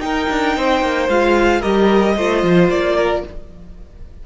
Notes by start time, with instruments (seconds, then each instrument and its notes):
0.00 cello D#4, viola D#4, violin A#4 G5
0.30 cello D4
0.57 cello C4, violin C5
0.82 cello A#3
1.09 cello G#3, viola F4, violin F5
1.60 cello G3, viola G4, violin A#4 D#5
2.17 cello A3, viola F4, violin C5
2.43 cello F3
2.69 cello A#3, violin D5
2.96 violin A#4